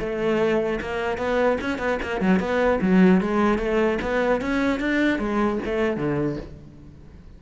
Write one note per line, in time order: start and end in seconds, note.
0.00 0.80 A3
0.81 1.18 A#3
1.18 1.58 B3
1.61 1.79 C#4
1.79 1.99 B3
2.03 2.21 A#3
2.21 2.40 F#3
2.40 2.80 B3
2.82 3.21 F#3
3.21 3.59 G#3
3.59 3.99 A3
4.02 4.42 B3
4.42 4.81 C#4
4.81 5.19 D4
5.19 5.59 G#3
5.66 5.97 A3
5.97 6.37 D3